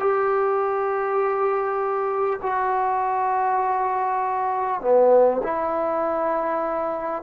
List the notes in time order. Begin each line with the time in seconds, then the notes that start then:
0.00 G4
2.42 F#4
4.82 B3
5.43 E4